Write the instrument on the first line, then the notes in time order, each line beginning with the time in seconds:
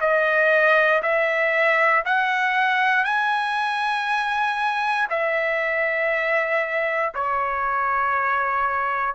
trumpet
0.00 D#5
1.02 E5
2.05 F#5
3.04 G#5
5.10 E5
7.14 C#5